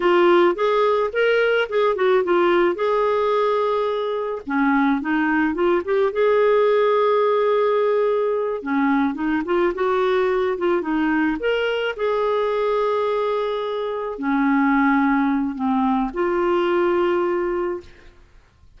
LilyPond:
\new Staff \with { instrumentName = "clarinet" } { \time 4/4 \tempo 4 = 108 f'4 gis'4 ais'4 gis'8 fis'8 | f'4 gis'2. | cis'4 dis'4 f'8 g'8 gis'4~ | gis'2.~ gis'8 cis'8~ |
cis'8 dis'8 f'8 fis'4. f'8 dis'8~ | dis'8 ais'4 gis'2~ gis'8~ | gis'4. cis'2~ cis'8 | c'4 f'2. | }